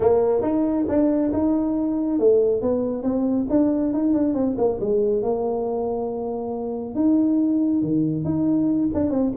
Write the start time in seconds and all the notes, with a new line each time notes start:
0.00 A#3
0.42 D#4
0.88 D4
1.32 D#4
2.19 A3
2.61 B3
3.03 C4
3.49 D4
3.93 D#4
4.13 D4
4.33 C4
4.57 A#3
4.80 G#3
5.22 A#3
6.95 D#4
7.82 D#3
8.24 D#4
8.93 D4
9.10 C4